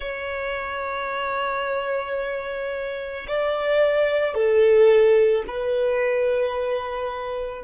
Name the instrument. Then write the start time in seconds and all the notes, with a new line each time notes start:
violin
0.00 C#5
3.27 D5
4.34 A4
5.47 B4